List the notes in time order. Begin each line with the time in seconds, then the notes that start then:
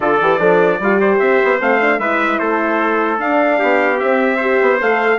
0.00 D3 F4 A4 D5
0.21 E3 G4
0.39 F3 D4 A4
0.79 G3 F4 G4
1.00 C5
1.18 C4 E5
1.44 B3
1.59 A3 C4 F5
1.81 D4
1.99 G#3 E4 B4 E5
2.38 A3 A4 C5
3.18 D4 F5
3.58 B3 G4
3.98 C4 E5
4.36 G4 C5
4.61 B3
4.80 A3 A4 F5